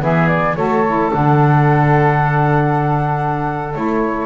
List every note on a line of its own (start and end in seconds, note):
0.00 0.56 E3
0.00 0.55 B3
0.00 0.57 G#4
0.00 0.27 E5
0.27 0.55 D5
0.56 1.11 A3
0.56 0.84 F#4
0.56 4.26 A4
0.56 1.11 C#5
0.86 1.11 E4
1.11 3.75 D3
1.11 3.73 D4
1.11 3.74 F#5
3.73 4.26 A3
3.73 4.26 E4
3.73 4.26 C#5